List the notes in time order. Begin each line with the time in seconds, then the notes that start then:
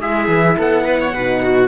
0.00 G#3 E4 G#4 E5
0.28 E3
0.58 B3 A4 F#5
0.85 B4
1.00 C#5
1.13 B2 D#4 B4
1.42 F#4